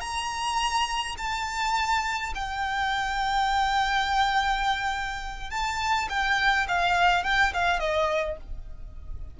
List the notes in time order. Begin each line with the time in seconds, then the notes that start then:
0.00 A#5
1.17 A5
2.34 G5
5.50 A5
6.09 G5
6.68 F5
7.23 G5
7.53 F5
7.79 D#5